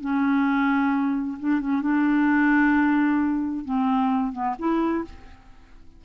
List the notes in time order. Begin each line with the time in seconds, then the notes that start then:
0.00 C#4
1.39 D4
1.60 C#4
1.81 D4
3.64 C4
4.32 B3
4.58 E4